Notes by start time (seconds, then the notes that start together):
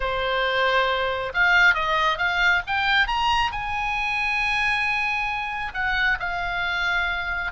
0.00 C5
1.34 F5
1.74 D#5
2.18 F5
2.66 G5
3.07 A#5
3.51 G#5
5.74 F#5
6.19 F5